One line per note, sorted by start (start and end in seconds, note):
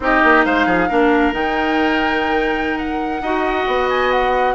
0.00 0.21 C4
0.00 0.89 D#4
0.00 0.45 G4
0.00 0.45 D#5
0.23 0.45 A#3
0.45 0.66 G#3
0.45 0.66 C5
0.45 1.33 F5
0.66 0.88 F3
0.66 0.88 G#4
0.88 1.33 A#3
0.88 1.32 D4
0.88 3.21 A#4
1.32 3.21 D#3
1.32 3.21 D#4
1.32 2.77 G5
2.77 3.88 F#5
3.21 3.65 D#4
3.21 4.54 F#4
3.21 4.54 D#5
3.67 4.54 B3
3.89 4.11 G#5
4.11 4.54 F#5